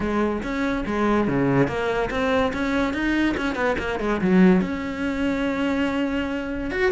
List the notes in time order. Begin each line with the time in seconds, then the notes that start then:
0.00 G#3
0.42 C#4
0.86 G#3
1.27 C#3
1.67 A#3
2.10 C4
2.53 C#4
2.93 D#4
3.37 C#4
3.55 B3
3.78 A#3
3.99 G#3
4.21 F#3
4.61 C#4
6.70 F#4